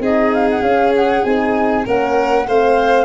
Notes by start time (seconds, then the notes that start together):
0.00 C4 D#4 G#4 D#5
0.34 F5
0.50 F#5
0.62 C#4 F5
0.96 F#5
1.24 C4 D#4 G#5
1.85 A#3 C#4 A#4 F#5
2.48 A3 C4 C5 F5